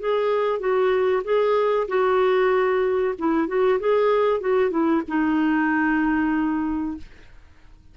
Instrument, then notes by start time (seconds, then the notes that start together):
clarinet
0.00 G#4
0.60 F#4
1.24 G#4
1.88 F#4
3.19 E4
3.48 F#4
3.80 G#4
4.40 F#4
4.71 E4
5.08 D#4